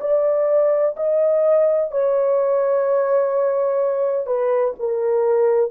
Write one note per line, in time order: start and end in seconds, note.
0.00 0.95 D5
0.96 1.91 D#5
1.91 4.26 C#5
4.26 4.74 B4
4.79 5.71 A#4